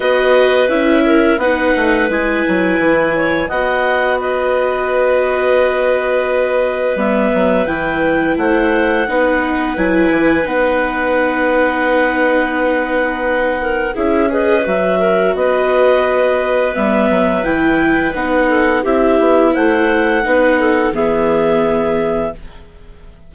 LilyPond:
<<
  \new Staff \with { instrumentName = "clarinet" } { \time 4/4 \tempo 4 = 86 dis''4 e''4 fis''4 gis''4~ | gis''4 fis''4 dis''2~ | dis''2 e''4 g''4 | fis''2 gis''4 fis''4~ |
fis''1 | e''8 dis''8 e''4 dis''2 | e''4 g''4 fis''4 e''4 | fis''2 e''2 | }
  \new Staff \with { instrumentName = "clarinet" } { \time 4/4 b'4. ais'8 b'2~ | b'8 cis''8 dis''4 b'2~ | b'1 | c''4 b'2.~ |
b'2.~ b'8 ais'8 | gis'8 b'4 ais'8 b'2~ | b'2~ b'8 a'8 g'4 | c''4 b'8 a'8 gis'2 | }
  \new Staff \with { instrumentName = "viola" } { \time 4/4 fis'4 e'4 dis'4 e'4~ | e'4 fis'2.~ | fis'2 b4 e'4~ | e'4 dis'4 e'4 dis'4~ |
dis'1 | e'8 gis'8 fis'2. | b4 e'4 dis'4 e'4~ | e'4 dis'4 b2 | }
  \new Staff \with { instrumentName = "bassoon" } { \time 4/4 b4 cis'4 b8 a8 gis8 fis8 | e4 b2.~ | b2 g8 fis8 e4 | a4 b4 fis8 e8 b4~ |
b1 | cis'4 fis4 b2 | g8 fis8 e4 b4 c'8 b8 | a4 b4 e2 | }
>>